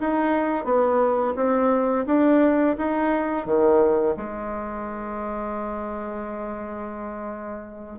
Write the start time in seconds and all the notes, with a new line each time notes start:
0.00 D#4
0.65 B3
1.36 C4
2.06 D4
2.78 D#4
3.46 D#3
4.17 G#3